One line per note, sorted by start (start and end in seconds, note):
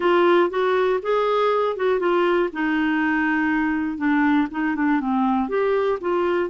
0.00 0.50 F4
0.50 1.00 F#4
1.02 1.76 G#4
1.76 1.99 F#4
1.99 2.49 F4
2.52 3.97 D#4
3.97 4.47 D4
4.50 4.75 D#4
4.75 5.00 D4
5.00 5.49 C4
5.49 5.99 G4
6.00 6.49 F4